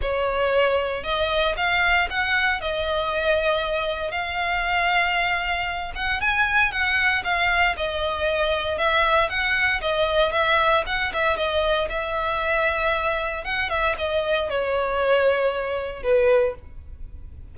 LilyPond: \new Staff \with { instrumentName = "violin" } { \time 4/4 \tempo 4 = 116 cis''2 dis''4 f''4 | fis''4 dis''2. | f''2.~ f''8 fis''8 | gis''4 fis''4 f''4 dis''4~ |
dis''4 e''4 fis''4 dis''4 | e''4 fis''8 e''8 dis''4 e''4~ | e''2 fis''8 e''8 dis''4 | cis''2. b'4 | }